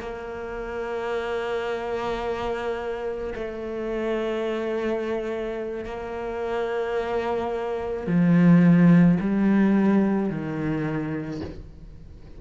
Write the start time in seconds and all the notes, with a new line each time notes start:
0.00 A#3
3.35 A3
5.85 A#3
8.07 F3
9.20 G3
10.30 D#3